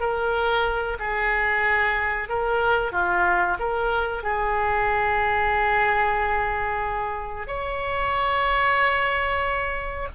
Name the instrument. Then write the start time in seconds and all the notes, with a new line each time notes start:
oboe
0.00 A#4
0.99 G#4
2.29 A#4
2.92 F4
3.59 A#4
4.23 G#4
7.48 C#5